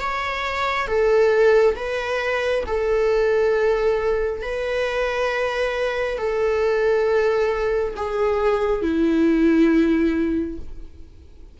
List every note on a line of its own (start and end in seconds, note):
0.00 0.87 C#5
0.87 1.75 A4
1.75 2.64 B4
2.66 4.42 A4
4.42 6.18 B4
6.18 7.94 A4
7.96 8.82 G#4
8.82 10.58 E4